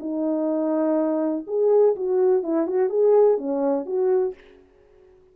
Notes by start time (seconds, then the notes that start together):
0.00 D#4
1.47 G#4
1.96 F#4
2.43 E4
2.67 F#4
2.89 G#4
3.38 C#4
3.86 F#4